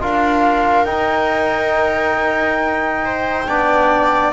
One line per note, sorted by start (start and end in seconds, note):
0.00 0.86 D4
0.00 0.86 F4
0.00 3.05 A#4
0.00 0.85 F5
0.85 3.47 D#4
0.85 4.33 G5
3.05 3.48 C5
3.48 4.33 B3
3.48 4.33 D4
3.48 4.33 D5